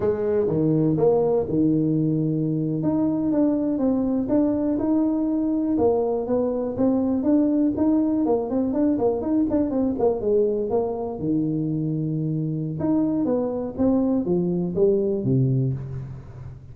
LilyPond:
\new Staff \with { instrumentName = "tuba" } { \time 4/4 \tempo 4 = 122 gis4 dis4 ais4 dis4~ | dis4.~ dis16 dis'4 d'4 c'16~ | c'8. d'4 dis'2 ais16~ | ais8. b4 c'4 d'4 dis'16~ |
dis'8. ais8 c'8 d'8 ais8 dis'8 d'8 c'16~ | c'16 ais8 gis4 ais4 dis4~ dis16~ | dis2 dis'4 b4 | c'4 f4 g4 c4 | }